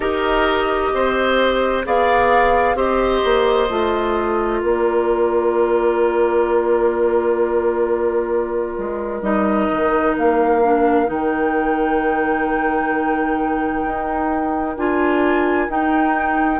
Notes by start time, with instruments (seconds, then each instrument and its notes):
0.00 bassoon D#4, clarinet G4, oboe A#4, flute D#5
0.93 bassoon C4, oboe C5
1.84 bassoon B3, clarinet G#4, oboe D5, flute F5
2.74 bassoon C4, clarinet G4, oboe C5, flute D#5
3.24 bassoon A#3
3.69 bassoon A3, clarinet F4
4.61 bassoon A#3, oboe A#4, flute D5
8.78 bassoon G#3
9.21 bassoon G3, clarinet D#4, flute D#5
9.72 bassoon D#3
10.17 bassoon A#3, flute F5
10.63 clarinet D4
11.06 bassoon D#3, clarinet D#4, flute G5
13.84 bassoon D#4
14.76 bassoon D4, clarinet F4, flute G#5
15.68 bassoon D#4, clarinet D#4, flute G5